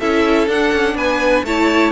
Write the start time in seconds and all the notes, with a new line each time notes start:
0.00 C#4 E4 A4 E5
0.48 D4 F#5
0.73 C#4
0.95 B3 B4 G#5
1.44 A3 E4 C#5 A5